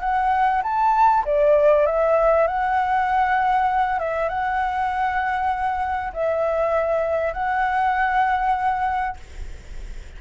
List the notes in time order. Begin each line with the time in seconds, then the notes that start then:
0.00 F#5
0.63 A5
1.25 D5
1.86 E5
2.47 F#5
3.99 E5
4.29 F#5
6.13 E5
7.33 F#5